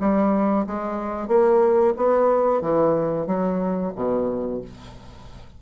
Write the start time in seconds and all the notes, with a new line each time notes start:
0.00 G3
0.67 G#3
1.28 A#3
1.97 B3
2.61 E3
3.26 F#3
3.95 B2